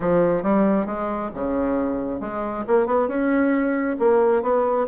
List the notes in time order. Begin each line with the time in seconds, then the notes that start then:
0.00 F3
0.42 G3
0.85 G#3
1.34 C#3
2.20 G#3
2.67 A#3
2.86 B3
3.08 C#4
3.99 A#3
4.42 B3